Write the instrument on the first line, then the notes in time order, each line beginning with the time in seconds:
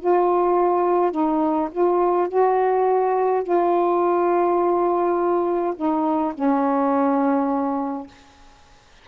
saxophone
0.00 F4
1.12 D#4
1.72 F4
2.29 F#4
3.44 F4
5.76 D#4
6.35 C#4